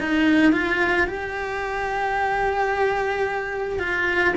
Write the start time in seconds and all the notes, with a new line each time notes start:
0.00 D#4
0.53 F4
1.07 G4
3.79 F4